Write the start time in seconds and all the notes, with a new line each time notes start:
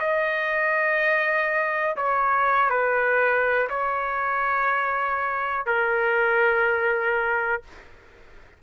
0.00 D#5
1.97 C#5
2.70 B4
3.70 C#5
5.66 A#4